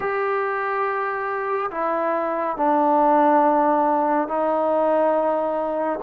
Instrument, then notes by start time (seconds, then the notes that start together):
trombone
0.00 G4
1.71 E4
2.56 D4
4.28 D#4